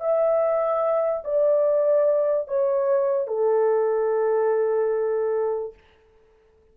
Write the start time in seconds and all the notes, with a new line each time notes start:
0.00 E5
1.24 D5
2.48 C#5
3.27 A4